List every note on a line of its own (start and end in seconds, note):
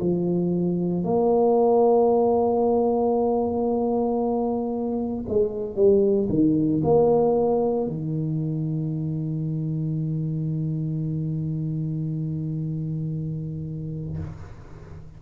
0.00 1.04 F3
1.04 5.25 A#3
5.29 5.76 G#3
5.76 6.28 G3
6.30 6.82 D#3
6.84 7.88 A#3
7.88 14.19 D#3